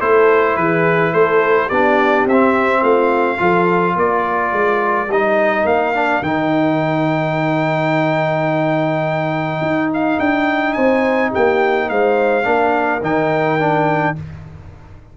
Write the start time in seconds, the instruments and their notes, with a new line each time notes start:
0.00 tuba A3, trombone E4, horn A4, trumpet C5
0.57 tuba E3, horn G#4, trumpet B4
1.13 tuba A3, horn A4, trumpet C5
1.66 tuba B3, horn G4, trumpet D5
1.73 trombone D4
2.26 tuba C4, trumpet E5
2.32 trombone C4
2.82 tuba A3, horn F4, trumpet F5
3.38 tuba F3, trombone F4, horn A4
3.96 tuba A#3, horn A#4, trumpet D5
4.53 tuba G#3
5.09 tuba G3, trombone D#4, trumpet D#5
5.65 tuba A#3, trumpet F5
5.95 trombone D4
6.22 tuba D#3, trombone D#4, trumpet G5
9.61 tuba D#4
9.94 trumpet F5
10.20 tuba D4, trumpet G5
10.73 tuba C4, horn C5, trumpet G#5
11.31 tuba A#3, horn G4, trumpet G5
11.90 tuba G#3, horn C5, trumpet F5
12.44 tuba A#3, trombone D4, horn A#4
13.02 tuba D#3, trombone D#4, trumpet G5
13.59 trombone D4